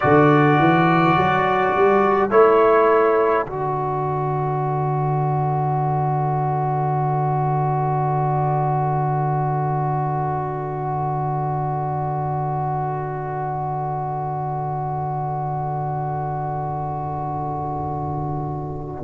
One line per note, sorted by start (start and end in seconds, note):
0.00 0.59 D3
0.00 2.30 F#4
0.00 19.03 A4
0.00 2.29 D5
0.59 1.16 E3
1.17 1.74 F#3
1.75 2.30 G3
2.30 3.45 A3
2.30 3.45 E4
2.30 3.46 C#5
3.45 19.02 D3
3.45 19.03 F#4
3.45 19.03 D5